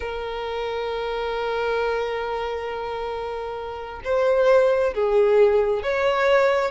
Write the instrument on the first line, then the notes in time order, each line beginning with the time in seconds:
violin
0.00 A#4
4.04 C5
4.94 G#4
5.82 C#5